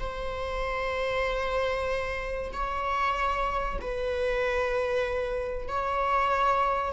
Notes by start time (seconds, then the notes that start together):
0.00 C5
2.53 C#5
3.82 B4
5.68 C#5